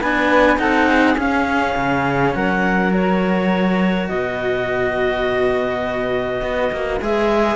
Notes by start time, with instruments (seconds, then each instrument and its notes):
0.00 cello B3 D4, flute B4, clarinet G#5
0.57 cello C4 D#4, flute A4, clarinet F#5
0.88 flute G#4
1.17 cello C#4, clarinet F5
1.75 cello C#3
2.34 cello F#3, flute A#4, clarinet F#5
2.90 cello F#4, clarinet C#5
4.08 cello B2, flute B4, clarinet D#5
6.42 cello B3
6.72 cello A#3
7.01 cello G#3 G#4, clarinet E5